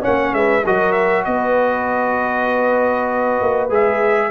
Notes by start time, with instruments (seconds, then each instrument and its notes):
0.00 trombone C#4, horn C#5, trumpet F#5
0.06 tuba A#3
0.32 tuba G#3, horn B4, trumpet E5
0.64 tuba F#3, trombone F#4, horn A#4, trumpet D#5
0.92 trumpet E5
1.24 tuba B3, horn B4, trumpet D#5
3.41 tuba A#3
3.69 tuba G#3, trombone G#4, trumpet E5